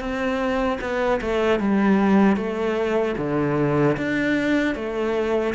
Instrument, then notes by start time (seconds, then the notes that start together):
cello
0.00 C4
0.81 B3
1.21 A3
1.60 G3
2.36 A3
3.18 D3
3.97 D4
4.75 A3